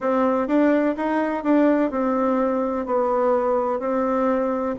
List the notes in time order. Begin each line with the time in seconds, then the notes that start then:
0.00 C4
0.47 D4
0.96 D#4
1.43 D4
1.90 C4
2.86 B3
3.79 C4